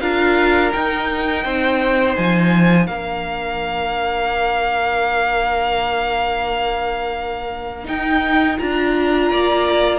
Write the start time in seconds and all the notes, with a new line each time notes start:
0.00 D4 F4 A#4 F5
0.73 D#4 G5
1.44 C4 C5
2.16 F3 G#5
2.86 A#3 D4 A#4 F5
7.85 D#4 G5
8.58 D4 F4 A#5
9.31 A#3 D5